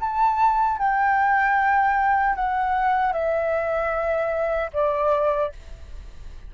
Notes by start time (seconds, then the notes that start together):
0.00 A5
0.78 G5
2.35 F#5
3.13 E5
4.73 D5